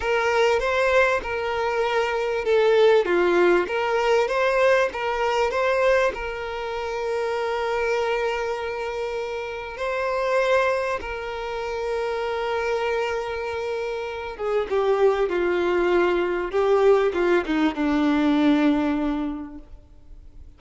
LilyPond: \new Staff \with { instrumentName = "violin" } { \time 4/4 \tempo 4 = 98 ais'4 c''4 ais'2 | a'4 f'4 ais'4 c''4 | ais'4 c''4 ais'2~ | ais'1 |
c''2 ais'2~ | ais'2.~ ais'8 gis'8 | g'4 f'2 g'4 | f'8 dis'8 d'2. | }